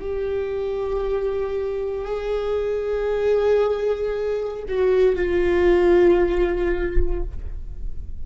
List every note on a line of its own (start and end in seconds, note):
0.00 2.05 G4
2.05 4.64 G#4
4.68 5.16 F#4
5.16 7.23 F4